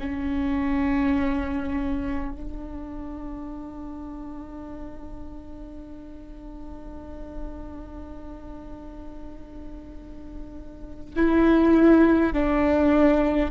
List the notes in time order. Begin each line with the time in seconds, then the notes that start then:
0.00 C#4
2.33 D4
11.16 E4
12.34 D4